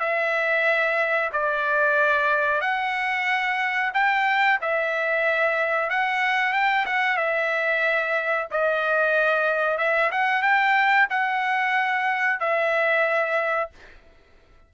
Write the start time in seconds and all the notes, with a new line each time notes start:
0.00 E5
1.33 D5
2.61 F#5
3.94 G5
4.61 E5
5.90 F#5
6.53 G5
6.86 F#5
7.17 E5
8.51 D#5
9.78 E5
10.12 F#5
10.42 G5
11.10 F#5
12.40 E5